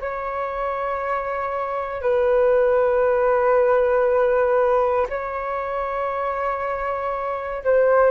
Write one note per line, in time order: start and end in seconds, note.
0.00 2.02 C#5
2.02 5.07 B4
5.09 7.63 C#5
7.64 8.11 C5